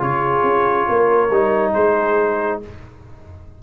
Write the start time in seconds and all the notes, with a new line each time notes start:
0.00 C#3 F4 G#4 C#5
0.43 C#4
0.88 A#3 A#4
1.30 G3 D#4
1.72 G#3 G#4 C5